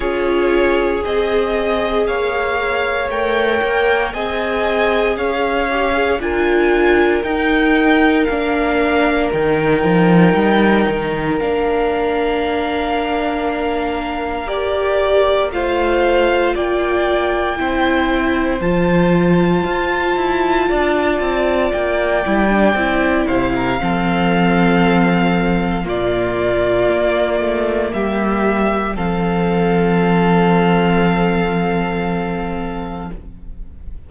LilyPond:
<<
  \new Staff \with { instrumentName = "violin" } { \time 4/4 \tempo 4 = 58 cis''4 dis''4 f''4 g''4 | gis''4 f''4 gis''4 g''4 | f''4 g''2 f''4~ | f''2 d''4 f''4 |
g''2 a''2~ | a''4 g''4. f''4.~ | f''4 d''2 e''4 | f''1 | }
  \new Staff \with { instrumentName = "violin" } { \time 4/4 gis'2 cis''2 | dis''4 cis''4 ais'2~ | ais'1~ | ais'2. c''4 |
d''4 c''2. | d''2~ d''8 c''16 ais'16 a'4~ | a'4 f'2 g'4 | a'1 | }
  \new Staff \with { instrumentName = "viola" } { \time 4/4 f'4 gis'2 ais'4 | gis'4. g'16 gis'16 f'4 dis'4 | d'4 dis'2 d'4~ | d'2 g'4 f'4~ |
f'4 e'4 f'2~ | f'4. e'16 d'16 e'4 c'4~ | c'4 ais2. | c'1 | }
  \new Staff \with { instrumentName = "cello" } { \time 4/4 cis'4 c'4 ais4 a8 ais8 | c'4 cis'4 d'4 dis'4 | ais4 dis8 f8 g8 dis8 ais4~ | ais2. a4 |
ais4 c'4 f4 f'8 e'8 | d'8 c'8 ais8 g8 c'8 c8 f4~ | f4 ais,4 ais8 a8 g4 | f1 | }
>>